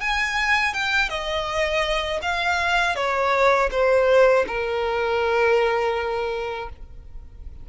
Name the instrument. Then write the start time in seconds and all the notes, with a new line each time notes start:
violin
0.00 G#5
0.73 G5
1.09 D#5
2.22 F5
2.95 C#5
3.71 C5
4.47 A#4